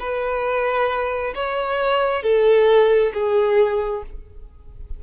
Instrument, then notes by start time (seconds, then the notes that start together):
violin
0.00 B4
1.36 C#5
2.23 A4
3.14 G#4